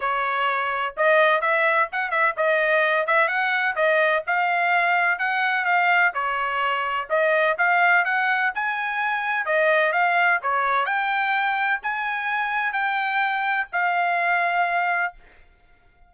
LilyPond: \new Staff \with { instrumentName = "trumpet" } { \time 4/4 \tempo 4 = 127 cis''2 dis''4 e''4 | fis''8 e''8 dis''4. e''8 fis''4 | dis''4 f''2 fis''4 | f''4 cis''2 dis''4 |
f''4 fis''4 gis''2 | dis''4 f''4 cis''4 g''4~ | g''4 gis''2 g''4~ | g''4 f''2. | }